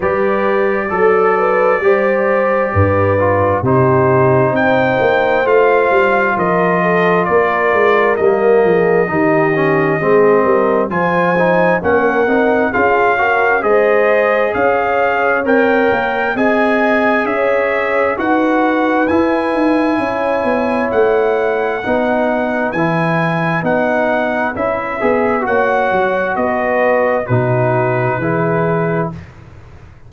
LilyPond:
<<
  \new Staff \with { instrumentName = "trumpet" } { \time 4/4 \tempo 4 = 66 d''1 | c''4 g''4 f''4 dis''4 | d''4 dis''2. | gis''4 fis''4 f''4 dis''4 |
f''4 g''4 gis''4 e''4 | fis''4 gis''2 fis''4~ | fis''4 gis''4 fis''4 e''4 | fis''4 dis''4 b'2 | }
  \new Staff \with { instrumentName = "horn" } { \time 4/4 b'4 a'8 b'8 c''4 b'4 | g'4 c''2 ais'8 a'8 | ais'4. gis'8 g'4 gis'8 ais'8 | c''4 ais'4 gis'8 ais'8 c''4 |
cis''2 dis''4 cis''4 | b'2 cis''2 | b'1 | cis''4 b'4 fis'4 gis'4 | }
  \new Staff \with { instrumentName = "trombone" } { \time 4/4 g'4 a'4 g'4. f'8 | dis'2 f'2~ | f'4 ais4 dis'8 cis'8 c'4 | f'8 dis'8 cis'8 dis'8 f'8 fis'8 gis'4~ |
gis'4 ais'4 gis'2 | fis'4 e'2. | dis'4 e'4 dis'4 e'8 gis'8 | fis'2 dis'4 e'4 | }
  \new Staff \with { instrumentName = "tuba" } { \time 4/4 g4 fis4 g4 g,4 | c4 c'8 ais8 a8 g8 f4 | ais8 gis8 g8 f8 dis4 gis8 g8 | f4 ais8 c'8 cis'4 gis4 |
cis'4 c'8 ais8 c'4 cis'4 | dis'4 e'8 dis'8 cis'8 b8 a4 | b4 e4 b4 cis'8 b8 | ais8 fis8 b4 b,4 e4 | }
>>